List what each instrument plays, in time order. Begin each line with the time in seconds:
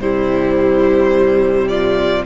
0.00 cello C3, viola G3, violin E4 C5
1.68 violin F4 D5